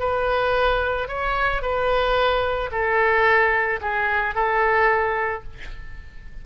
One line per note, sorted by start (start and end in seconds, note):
0.00 1.08 B4
1.08 1.62 C#5
1.62 2.70 B4
2.72 3.80 A4
3.81 4.35 G#4
4.35 5.43 A4